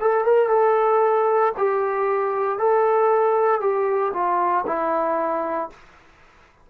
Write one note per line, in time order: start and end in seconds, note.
0.00 0.24 A4
0.24 0.49 A#4
0.49 1.52 A4
1.57 2.58 G4
2.58 3.60 A4
3.60 4.12 G4
4.13 4.65 F4
4.66 5.70 E4